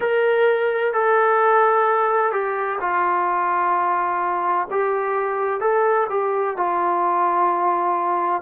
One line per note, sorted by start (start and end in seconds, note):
0.00 0.93 A#4
0.93 2.32 A4
2.32 2.79 G4
2.80 4.67 F4
4.70 5.60 G4
5.60 6.07 A4
6.09 6.56 G4
6.56 8.42 F4